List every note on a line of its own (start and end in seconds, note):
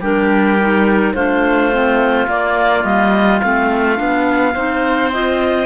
0.00 1.13 G3
0.00 0.59 D4
0.00 1.13 G4
0.00 1.14 A#4
0.60 1.16 D#4
1.14 2.27 A3
1.14 1.72 D4
1.14 4.54 F4
1.14 2.27 C5
1.72 2.26 C4
2.26 3.40 A#3
2.26 2.84 A#3
2.26 2.84 D5
2.84 3.41 G3
2.84 3.41 D#5
3.41 4.00 A3
3.41 3.96 C4
3.41 5.11 F5
3.96 4.55 B3
3.96 4.53 D4
4.54 5.66 C4
4.54 5.12 D#4
4.54 5.66 C5
5.12 5.66 F4
5.12 5.66 D#5